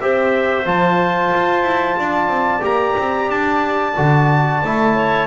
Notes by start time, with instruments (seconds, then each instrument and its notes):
0.00 double bass C4, trombone G4, clarinet C5, trumpet E5
0.65 double bass F3, trombone F4, trumpet A5
1.34 double bass F4
1.62 double bass E4
1.98 double bass D4, clarinet D5
2.27 double bass C4
2.60 double bass A#3, trombone G4, trumpet A#5
2.98 double bass C4
3.29 double bass D4, trumpet A5
3.96 double bass D3, trombone F#4
4.63 double bass A3, trombone E4
4.94 clarinet C#5